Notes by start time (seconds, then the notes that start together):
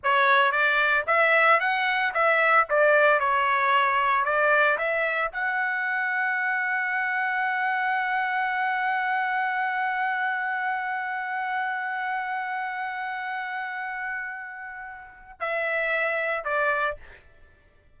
0.03 C#5
0.51 D5
1.06 E5
1.60 F#5
2.14 E5
2.69 D5
3.19 C#5
4.24 D5
4.78 E5
5.32 F#5
15.40 E5
16.44 D5